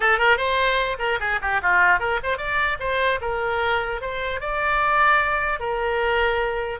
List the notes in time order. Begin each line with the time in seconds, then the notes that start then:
0.00 A4
0.18 A#4
0.37 C5
0.98 A#4
1.19 G#4
1.41 G4
1.62 F4
1.99 A#4
2.23 C5
2.37 D5
2.79 C5
3.21 A#4
4.01 C5
4.40 D5
5.59 A#4